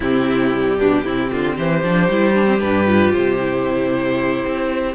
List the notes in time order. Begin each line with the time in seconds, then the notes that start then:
0.00 C3 C4 E4 G4
0.52 G3
0.77 B2 D4
1.04 C3 C4 E4
1.31 D3 F4
1.56 E3 G4 C5
1.83 F3 D4
2.08 G3 E4
2.34 D4
2.45 C4
2.60 G2 D4 B4
2.86 F4
3.12 C3 C5
3.39 E4
4.45 C4